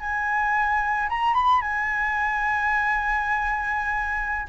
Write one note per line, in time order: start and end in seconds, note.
0.00 1.09 G#5
1.10 1.34 A#5
1.34 1.62 B5
1.62 4.48 G#5